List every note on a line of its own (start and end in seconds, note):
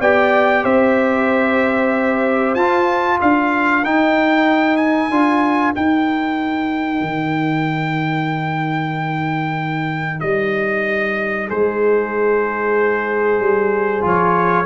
0.00 0.64 B3
0.00 2.57 G4
0.00 0.63 D5
0.00 0.64 G5
0.63 2.55 C4
0.63 3.19 C5
0.63 2.54 E5
2.54 3.18 F4
2.54 3.84 F4
2.54 3.18 A5
3.19 3.83 D4
3.19 11.47 A#4
3.19 3.84 F5
3.83 5.10 D#4
3.83 5.11 D#4
3.83 4.76 G5
4.76 5.72 G#5
5.10 5.74 D4
5.10 5.74 F4
5.74 14.01 D#4
5.74 7.01 D#4
5.74 10.20 G5
7.01 10.20 D#3
10.20 11.50 G3
10.20 11.48 D#5
11.47 13.39 G#3
11.47 14.65 G#4
11.47 14.05 C5
13.39 14.03 G3
14.01 14.65 F3
14.01 14.65 F4
14.01 14.65 C#5